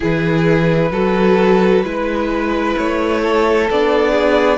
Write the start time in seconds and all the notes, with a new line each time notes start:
0.00 E3 E4 G#4 B4
0.90 F#3 F#4 A4
1.83 G#3 E4 B4
2.77 A3 C#5
3.21 A4
3.69 B3 D4 D5
4.11 G#4